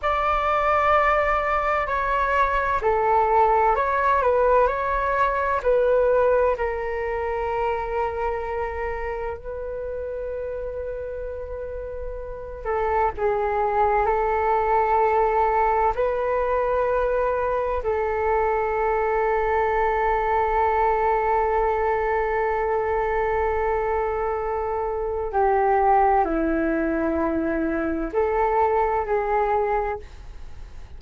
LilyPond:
\new Staff \with { instrumentName = "flute" } { \time 4/4 \tempo 4 = 64 d''2 cis''4 a'4 | cis''8 b'8 cis''4 b'4 ais'4~ | ais'2 b'2~ | b'4. a'8 gis'4 a'4~ |
a'4 b'2 a'4~ | a'1~ | a'2. g'4 | e'2 a'4 gis'4 | }